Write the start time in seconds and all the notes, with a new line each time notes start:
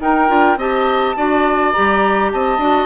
0.00 D#4 A#4 G5
0.27 D4 F4
0.56 C4 G4 D#5 A5
1.16 D4 F#4 D5
1.72 G3 G4 A#5
2.32 C4 D#5 A5
2.57 D4 F#4